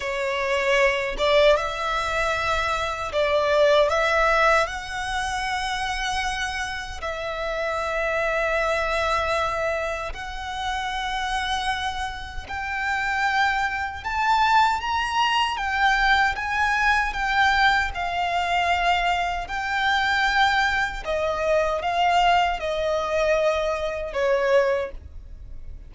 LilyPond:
\new Staff \with { instrumentName = "violin" } { \time 4/4 \tempo 4 = 77 cis''4. d''8 e''2 | d''4 e''4 fis''2~ | fis''4 e''2.~ | e''4 fis''2. |
g''2 a''4 ais''4 | g''4 gis''4 g''4 f''4~ | f''4 g''2 dis''4 | f''4 dis''2 cis''4 | }